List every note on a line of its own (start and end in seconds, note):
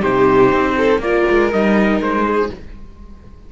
0.00 0.53 C3
0.00 0.99 D#4
0.00 0.75 G4
0.00 1.02 C5
0.53 0.98 C4
0.77 1.02 A4
0.98 1.23 A#3
0.98 1.53 F4
0.98 2.26 A#4
0.98 1.51 D5
1.30 1.53 G#3
1.52 2.00 G3
1.52 2.52 D#4
1.52 2.02 D#5
2.00 2.50 G#3
2.00 2.52 C5
2.26 2.51 G#4